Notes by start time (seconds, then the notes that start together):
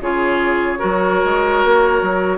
0.00 C#3 F4 G#4 C#5
0.78 F#3 F#4 A#4
1.24 G#3
1.64 A#3
2.01 F#3